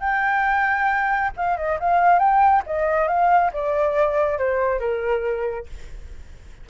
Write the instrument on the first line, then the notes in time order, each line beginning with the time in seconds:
flute
0.00 G5
1.36 F5
1.57 D#5
1.79 F5
2.19 G5
2.66 D#5
3.08 F5
3.53 D5
4.38 C5
4.79 A#4